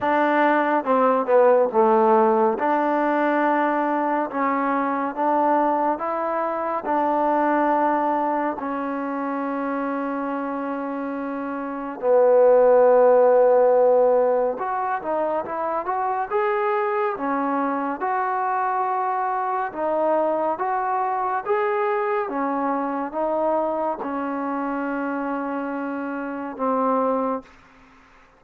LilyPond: \new Staff \with { instrumentName = "trombone" } { \time 4/4 \tempo 4 = 70 d'4 c'8 b8 a4 d'4~ | d'4 cis'4 d'4 e'4 | d'2 cis'2~ | cis'2 b2~ |
b4 fis'8 dis'8 e'8 fis'8 gis'4 | cis'4 fis'2 dis'4 | fis'4 gis'4 cis'4 dis'4 | cis'2. c'4 | }